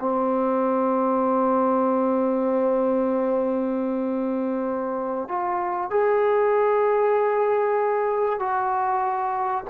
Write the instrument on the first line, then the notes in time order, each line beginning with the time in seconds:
trombone
0.00 C4
5.28 F4
5.91 G#4
8.40 F#4